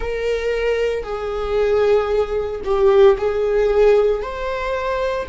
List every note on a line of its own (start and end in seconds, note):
0.00 1.03 A#4
1.03 2.61 G#4
2.64 3.16 G4
3.17 4.22 G#4
4.22 5.27 C5